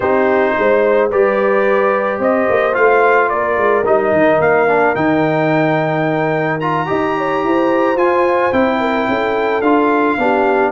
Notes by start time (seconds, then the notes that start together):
0.00 C4 D#4 G4 C5
0.58 G#3 C5
1.10 G3 G4 B4 D5
2.19 C4 C5 D#5
2.49 A#3
2.73 A3 F4 F5
3.29 A#3 A#4 D5
3.57 G#3
3.85 G3 D#4 D#5
4.12 D#3
4.39 A#3 F5
4.68 D4
4.95 D#3 D#4 G5
6.59 F4 A#5
6.86 D#4 G4 D#5
7.17 C#5
7.43 E4 C5
7.95 F4 G#5
8.52 C4 E4 G5
8.80 A#4
9.08 C#4 A4
9.61 D4 F4 F5
10.18 B3 D4 G4